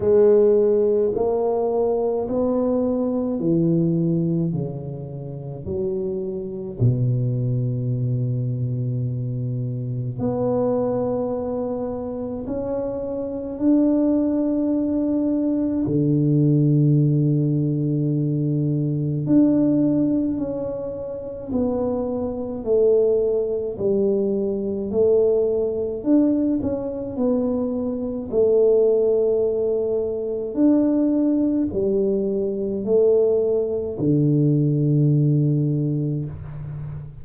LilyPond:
\new Staff \with { instrumentName = "tuba" } { \time 4/4 \tempo 4 = 53 gis4 ais4 b4 e4 | cis4 fis4 b,2~ | b,4 b2 cis'4 | d'2 d2~ |
d4 d'4 cis'4 b4 | a4 g4 a4 d'8 cis'8 | b4 a2 d'4 | g4 a4 d2 | }